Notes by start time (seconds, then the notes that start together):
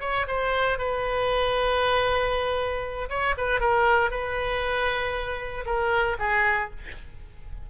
0.00 C#5
0.27 C5
0.78 B4
3.09 C#5
3.37 B4
3.60 A#4
4.10 B4
5.65 A#4
6.19 G#4